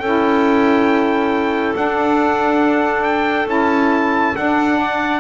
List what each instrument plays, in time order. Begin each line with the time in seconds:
0.00 double bass C#4, saxophone E4, clarinet A4, trumpet G5
1.74 saxophone D4, double bass D4, trumpet F#5
3.03 trumpet G5
3.46 double bass C#4, saxophone E4, trumpet A5
4.36 saxophone D4, double bass D4, trumpet F#5
4.78 clarinet D5